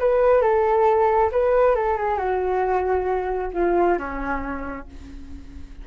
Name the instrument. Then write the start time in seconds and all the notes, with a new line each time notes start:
flute
0.00 B4
0.42 A4
1.32 B4
1.75 A4
1.97 G#4
2.18 F#4
3.54 F4
3.99 C#4